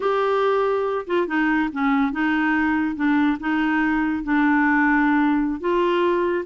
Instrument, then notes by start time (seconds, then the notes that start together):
clarinet
0.00 G4
1.06 F4
1.27 D#4
1.72 C#4
2.12 D#4
2.95 D4
3.40 D#4
4.23 D4
5.60 F4